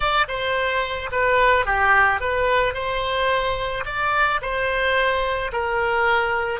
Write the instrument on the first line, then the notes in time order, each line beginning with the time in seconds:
oboe
0.00 D5
0.28 C5
1.11 B4
1.65 G4
2.20 B4
2.74 C5
3.85 D5
4.41 C5
5.52 A#4